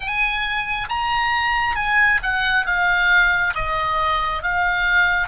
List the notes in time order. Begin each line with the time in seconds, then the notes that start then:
0.00 G#5
0.89 A#5
1.75 G#5
2.22 F#5
2.66 F5
3.55 D#5
4.42 F5